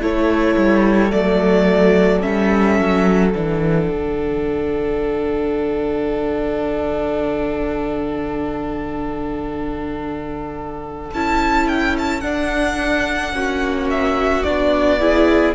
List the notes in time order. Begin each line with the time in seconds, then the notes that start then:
0.00 A3 E4 A4 C#5
0.56 G3
1.10 F#3 A3 D5
2.20 G3 C#4 E5
2.79 F#3
3.32 E3 D4 F#5
3.89 D3
11.14 C#4 E4 A5
11.68 G5
11.98 A5
12.20 D4 F#5
13.32 A#3 C#4 F#4
13.90 E5
14.43 B3 D4 D5
14.99 E4 G#4